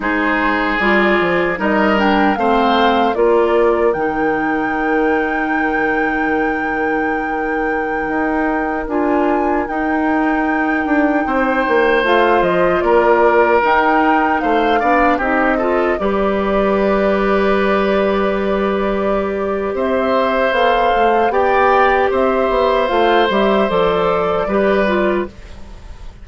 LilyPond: <<
  \new Staff \with { instrumentName = "flute" } { \time 4/4 \tempo 4 = 76 c''4 d''4 dis''8 g''8 f''4 | d''4 g''2.~ | g''2.~ g''16 gis''8.~ | gis''16 g''2. f''8 dis''16~ |
dis''16 d''4 g''4 f''4 dis''8.~ | dis''16 d''2.~ d''8.~ | d''4 e''4 f''4 g''4 | e''4 f''8 e''8 d''2 | }
  \new Staff \with { instrumentName = "oboe" } { \time 4/4 gis'2 ais'4 c''4 | ais'1~ | ais'1~ | ais'2~ ais'16 c''4.~ c''16~ |
c''16 ais'2 c''8 d''8 g'8 a'16~ | a'16 b'2.~ b'8.~ | b'4 c''2 d''4 | c''2. b'4 | }
  \new Staff \with { instrumentName = "clarinet" } { \time 4/4 dis'4 f'4 dis'8 d'8 c'4 | f'4 dis'2.~ | dis'2.~ dis'16 f'8.~ | f'16 dis'2. f'8.~ |
f'4~ f'16 dis'4. d'8 dis'8 f'16~ | f'16 g'2.~ g'8.~ | g'2 a'4 g'4~ | g'4 f'8 g'8 a'4 g'8 f'8 | }
  \new Staff \with { instrumentName = "bassoon" } { \time 4/4 gis4 g8 f8 g4 a4 | ais4 dis2.~ | dis2~ dis16 dis'4 d'8.~ | d'16 dis'4. d'8 c'8 ais8 a8 f16~ |
f16 ais4 dis'4 a8 b8 c'8.~ | c'16 g2.~ g8.~ | g4 c'4 b8 a8 b4 | c'8 b8 a8 g8 f4 g4 | }
>>